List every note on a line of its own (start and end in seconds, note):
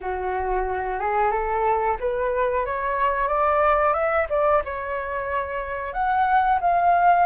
0.01 0.99 F#4
0.99 1.31 G#4
1.31 1.97 A4
2.00 2.65 B4
2.65 3.28 C#5
3.28 3.93 D5
3.93 4.26 E5
4.29 4.62 D5
4.64 5.93 C#5
5.93 6.59 F#5
6.61 7.25 F5